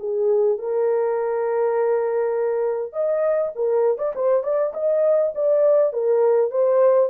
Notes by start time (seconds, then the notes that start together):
0.00 G#4
0.59 A#4
2.93 D#5
3.55 A#4
3.98 D5
4.16 C5
4.43 D5
4.74 D#5
5.35 D5
5.93 A#4
6.51 C5